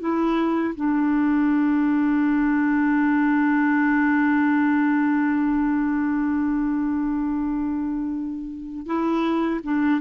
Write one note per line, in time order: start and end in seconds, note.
0.00 0.74 E4
0.75 8.86 D4
8.86 9.60 E4
9.63 10.00 D4